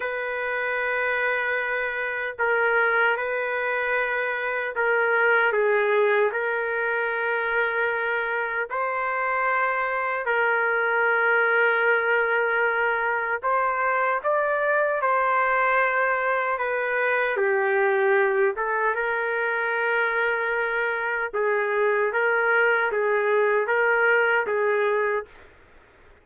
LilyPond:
\new Staff \with { instrumentName = "trumpet" } { \time 4/4 \tempo 4 = 76 b'2. ais'4 | b'2 ais'4 gis'4 | ais'2. c''4~ | c''4 ais'2.~ |
ais'4 c''4 d''4 c''4~ | c''4 b'4 g'4. a'8 | ais'2. gis'4 | ais'4 gis'4 ais'4 gis'4 | }